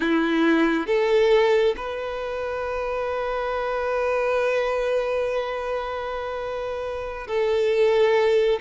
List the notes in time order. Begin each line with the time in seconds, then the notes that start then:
0.00 E4
0.87 A4
1.76 B4
7.27 A4